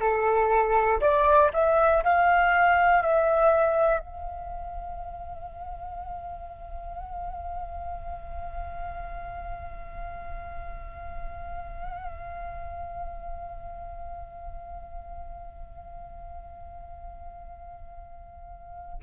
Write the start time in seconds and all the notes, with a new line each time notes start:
0.00 A4
1.01 D5
1.53 E5
2.04 F5
3.02 E5
3.99 F5